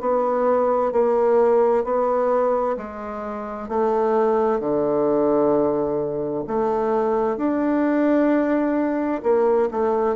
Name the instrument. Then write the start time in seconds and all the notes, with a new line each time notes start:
bassoon
0.00 B3
0.92 A#3
1.84 B3
2.77 G#3
3.68 A3
4.59 D3
6.47 A3
7.37 D4
9.22 A#3
9.70 A3